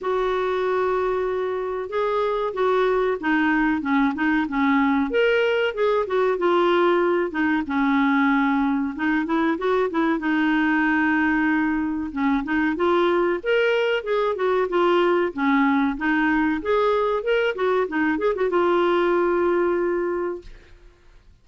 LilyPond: \new Staff \with { instrumentName = "clarinet" } { \time 4/4 \tempo 4 = 94 fis'2. gis'4 | fis'4 dis'4 cis'8 dis'8 cis'4 | ais'4 gis'8 fis'8 f'4. dis'8 | cis'2 dis'8 e'8 fis'8 e'8 |
dis'2. cis'8 dis'8 | f'4 ais'4 gis'8 fis'8 f'4 | cis'4 dis'4 gis'4 ais'8 fis'8 | dis'8 gis'16 fis'16 f'2. | }